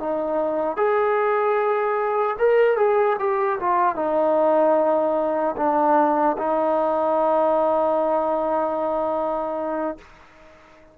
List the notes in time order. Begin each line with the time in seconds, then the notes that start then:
0.00 D#4
0.77 G#4
2.39 A#4
2.77 G#4
3.19 G4
3.60 F4
3.96 D#4
5.57 D4
6.38 D#4